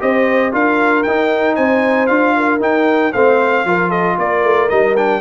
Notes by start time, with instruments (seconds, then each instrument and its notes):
0.00 tuba C4, trombone G4, horn C5, trumpet D#5
0.52 tuba D4, trombone F4, horn A#4, trumpet F5
1.03 tuba D#4, trombone D#4, trumpet G5
1.56 tuba C4, horn C5, trumpet G#5
2.07 tuba D4, trombone F4, trumpet F5
2.37 horn A#4
2.61 trombone D#4, tuba D#4, trumpet G5
3.13 tuba A3, trombone C4, horn C5, trumpet F5
3.65 tuba F3, trombone F4, horn A#4
3.89 horn A4, trumpet D#5
4.19 tuba A#3, horn A#4, trumpet D5
4.44 tuba A3
4.69 tuba G3, trombone D#4, trumpet D#5
4.97 trombone D4, trumpet G5